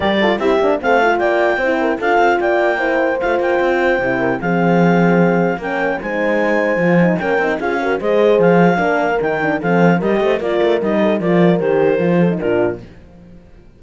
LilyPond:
<<
  \new Staff \with { instrumentName = "clarinet" } { \time 4/4 \tempo 4 = 150 d''4 e''4 f''4 g''4~ | g''4 f''4 g''2 | f''8 g''2~ g''8 f''4~ | f''2 g''4 gis''4~ |
gis''2 g''4 f''4 | dis''4 f''2 g''4 | f''4 dis''4 d''4 dis''4 | d''4 c''2 ais'4 | }
  \new Staff \with { instrumentName = "horn" } { \time 4/4 ais'8 a'8 g'4 a'4 d''4 | c''8 ais'8 a'4 d''4 c''4~ | c''2~ c''8 ais'8 gis'4~ | gis'2 ais'4 c''4~ |
c''2 ais'4 gis'8 ais'8 | c''2 ais'2 | a'4 ais'8 c''8 ais'4. a'8 | ais'2~ ais'8 a'8 f'4 | }
  \new Staff \with { instrumentName = "horn" } { \time 4/4 g'8 f'8 e'8 d'8 c'8 f'4. | e'4 f'2 e'4 | f'2 e'4 c'4~ | c'2 cis'4 dis'4~ |
dis'4 f'8 dis'8 cis'8 dis'8 f'8 fis'8 | gis'2 d'4 dis'8 d'8 | c'4 g'4 f'4 dis'4 | f'4 g'4 f'8. dis'16 d'4 | }
  \new Staff \with { instrumentName = "cello" } { \time 4/4 g4 c'8 ais8 a4 ais4 | c'4 d'8 c'8 ais2 | a8 ais8 c'4 c4 f4~ | f2 ais4 gis4~ |
gis4 f4 ais8 c'8 cis'4 | gis4 f4 ais4 dis4 | f4 g8 a8 ais8 a8 g4 | f4 dis4 f4 ais,4 | }
>>